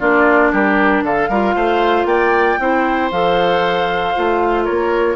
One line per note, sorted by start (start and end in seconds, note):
0.00 0.53 A#3
0.00 1.29 D4
0.00 0.52 F4
0.00 0.52 D5
0.52 1.03 G3
0.52 1.04 G4
0.52 1.05 A#4
1.03 1.29 D3
1.03 1.29 A4
1.03 2.07 F5
1.29 1.55 G3
1.29 2.60 F4
1.29 1.55 A#4
1.55 2.05 A3
1.55 2.07 C5
2.05 2.57 A#3
2.05 2.59 D5
2.05 3.10 G5
2.59 3.11 C4
2.59 3.11 E4
2.59 4.65 C5
3.12 4.15 F3
3.12 4.15 A4
3.12 4.65 F5
4.15 4.69 A3
4.15 5.17 F4
4.65 5.17 A#3
4.65 5.16 A#4
4.65 5.17 C#5